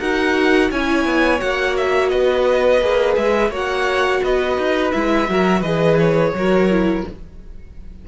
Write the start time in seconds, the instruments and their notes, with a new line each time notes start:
0.00 cello D#4, viola F#4, violin A#4 F#5
0.71 cello C#4, viola E4, violin C#5 G#5
1.06 cello B3
1.40 cello A#3, viola F#4, violin F#5
1.77 violin E5
2.09 cello B3, violin B4 D#5
2.81 cello A#3, viola G#4
3.17 cello G#3, violin E5
3.50 cello A#3, viola F#4, violin C#5 F#5
4.24 cello B3, violin B4 D#5
4.58 cello D#4
4.92 cello G#3, viola E4, violin E5
5.29 cello F#3, viola F#4, violin A#4
5.61 cello E3, viola G#4, violin B4 D#5
6.00 violin C#5
6.34 cello F#3, viola F#4, violin A#4
6.71 viola E4